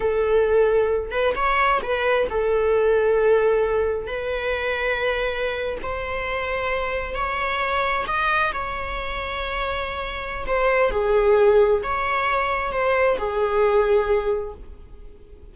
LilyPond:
\new Staff \with { instrumentName = "viola" } { \time 4/4 \tempo 4 = 132 a'2~ a'8 b'8 cis''4 | b'4 a'2.~ | a'4 b'2.~ | b'8. c''2. cis''16~ |
cis''4.~ cis''16 dis''4 cis''4~ cis''16~ | cis''2. c''4 | gis'2 cis''2 | c''4 gis'2. | }